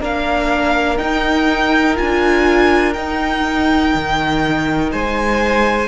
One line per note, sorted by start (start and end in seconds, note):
0.00 0.99 A#3
0.00 0.98 D4
0.00 4.92 A#4
0.00 0.98 F5
0.98 1.96 D#4
0.98 1.99 D#4
0.98 1.97 G5
1.96 2.96 D4
1.96 2.94 F4
1.96 2.94 G#5
2.94 5.88 D#4
2.94 3.95 D#4
2.94 4.90 G5
3.95 4.92 D#3
4.92 5.88 G#3
4.92 5.88 C5
4.92 5.88 G#5